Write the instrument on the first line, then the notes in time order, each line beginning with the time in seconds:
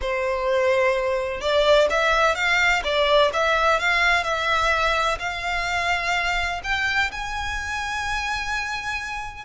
violin
0.01 C5
1.40 D5
1.90 E5
2.35 F5
2.84 D5
3.33 E5
3.79 F5
4.23 E5
5.19 F5
6.63 G5
7.11 G#5